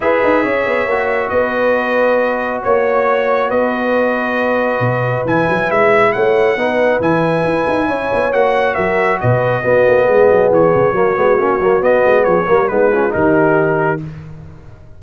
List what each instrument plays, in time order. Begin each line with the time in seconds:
0.00 tuba E4, trombone G#4, horn B4, trumpet E5
0.23 tuba D#4
0.42 tuba C#4, horn C#5
0.66 tuba B3
0.86 tuba A#3, trombone F#4
1.29 tuba B3, horn B4, trumpet D#5
2.62 tuba A#3, horn C#5, trumpet C#5
3.49 tuba B3, horn B4, trumpet D#5
4.80 tuba B2
5.25 tuba E3, trombone E4, trumpet G#5
5.49 tuba F#3
5.70 tuba G#3, trumpet E5
6.12 tuba A3, horn C#5, trumpet F#5
6.56 tuba B3, trombone D#4, horn B4
6.99 tuba E3, trombone E4, trumpet G#5
7.44 tuba E4
7.68 tuba D#4
7.87 tuba C#4, horn C#5
8.12 tuba B3
8.32 tuba A#3, trombone F#4, trumpet F#5
8.74 tuba F#3, horn A#4, trumpet E5
9.20 tuba B2, horn B4, trumpet D#5
9.61 trombone B3, tuba B3, horn F#4
9.87 tuba A#3
10.07 tuba G#3, horn G#4
10.30 tuba F#3
10.51 tuba E3, trumpet C#5
10.74 tuba C#3
10.92 tuba F#3, trombone A#3, horn F#4
11.15 tuba G#3, trombone B3
11.38 tuba A#3, trombone C#4
11.60 tuba F#3, trombone A#3
11.80 trombone B3, tuba B3, trumpet D#5
12.05 tuba G#3
12.24 tuba F3, horn G#4, trumpet C#5
12.47 tuba G3, trombone A#3, horn A#4
12.68 tuba G#3, trombone B3, horn D#4, trumpet B4
12.92 trombone C#4, horn F4
13.09 tuba D#3, trombone D#4, horn G4, trumpet A#4